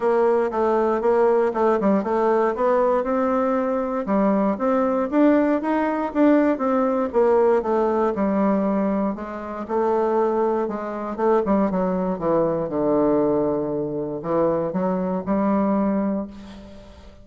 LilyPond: \new Staff \with { instrumentName = "bassoon" } { \time 4/4 \tempo 4 = 118 ais4 a4 ais4 a8 g8 | a4 b4 c'2 | g4 c'4 d'4 dis'4 | d'4 c'4 ais4 a4 |
g2 gis4 a4~ | a4 gis4 a8 g8 fis4 | e4 d2. | e4 fis4 g2 | }